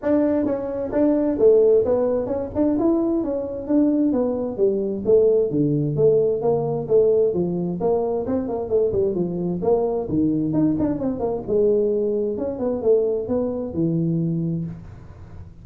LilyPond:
\new Staff \with { instrumentName = "tuba" } { \time 4/4 \tempo 4 = 131 d'4 cis'4 d'4 a4 | b4 cis'8 d'8 e'4 cis'4 | d'4 b4 g4 a4 | d4 a4 ais4 a4 |
f4 ais4 c'8 ais8 a8 g8 | f4 ais4 dis4 dis'8 d'8 | c'8 ais8 gis2 cis'8 b8 | a4 b4 e2 | }